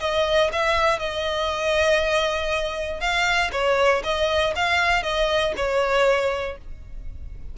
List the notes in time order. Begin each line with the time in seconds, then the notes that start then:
0.00 D#5
0.52 E5
0.99 D#5
3.00 F5
3.52 C#5
4.04 D#5
4.56 F5
5.03 D#5
5.57 C#5